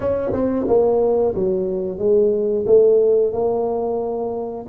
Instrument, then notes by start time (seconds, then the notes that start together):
tuba
0.00 C#4
0.32 C4
0.67 A#3
1.34 F#3
1.98 G#3
2.66 A3
3.32 A#3